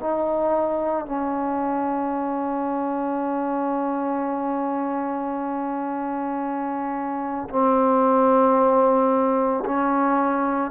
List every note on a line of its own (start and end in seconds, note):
0.00 1.06 D#4
1.06 7.49 C#4
7.50 9.64 C4
9.65 10.71 C#4